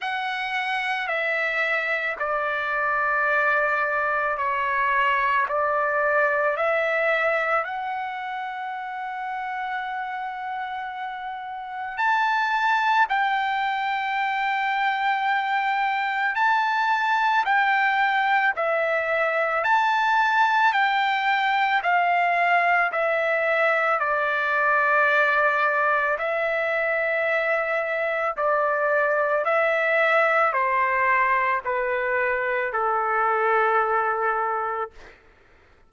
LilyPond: \new Staff \with { instrumentName = "trumpet" } { \time 4/4 \tempo 4 = 55 fis''4 e''4 d''2 | cis''4 d''4 e''4 fis''4~ | fis''2. a''4 | g''2. a''4 |
g''4 e''4 a''4 g''4 | f''4 e''4 d''2 | e''2 d''4 e''4 | c''4 b'4 a'2 | }